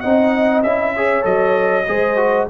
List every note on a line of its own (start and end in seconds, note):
0.00 0.63 C4
0.00 0.65 D#4
0.00 0.93 D#5
0.00 0.61 F#5
0.63 1.24 C#4
0.63 0.97 E4
0.63 1.24 E5
0.96 1.22 G#4
0.96 1.88 C#5
1.22 1.86 F#3
1.22 1.83 A4
1.22 2.47 D#5
1.87 2.48 G#3
1.87 2.16 G#4
1.87 2.49 C5
2.16 2.47 F#4